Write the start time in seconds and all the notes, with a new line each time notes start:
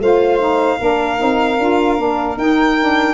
0.00 A3 F4 C5 F5
0.40 D#4
0.78 A#3 D4 A#4
1.18 C4 D#4
1.59 D4 F4
1.98 A#3 D4
2.37 D#4 G5
2.80 D4